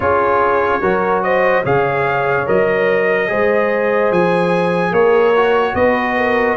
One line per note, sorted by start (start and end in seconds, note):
0.00 0.81 C#4
0.00 0.81 F4
0.00 0.82 G#4
0.00 1.22 C#5
0.81 1.63 F#3
0.81 1.64 F#4
0.81 1.23 A#4
1.22 1.63 C5
1.22 1.64 D#5
1.63 2.47 C#3
1.63 2.46 G#4
1.63 3.28 C#5
1.63 2.47 F5
2.46 3.30 F#3
2.46 3.28 A#4
2.46 4.12 D#5
3.28 4.11 G#3
3.28 5.33 G#4
3.28 4.92 C5
4.11 4.91 F3
4.11 4.93 G#5
4.91 5.73 A#3
4.91 5.74 A#4
4.91 5.75 C#5
5.35 6.57 F#4
5.74 6.56 B3
5.74 6.16 B4
5.74 6.57 D#5
6.17 6.57 A#4